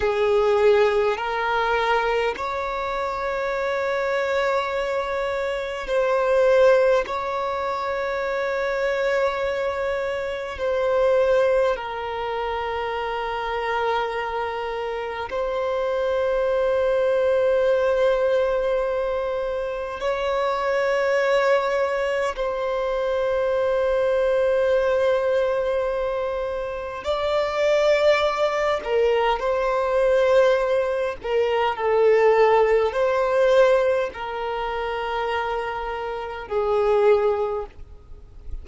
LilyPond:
\new Staff \with { instrumentName = "violin" } { \time 4/4 \tempo 4 = 51 gis'4 ais'4 cis''2~ | cis''4 c''4 cis''2~ | cis''4 c''4 ais'2~ | ais'4 c''2.~ |
c''4 cis''2 c''4~ | c''2. d''4~ | d''8 ais'8 c''4. ais'8 a'4 | c''4 ais'2 gis'4 | }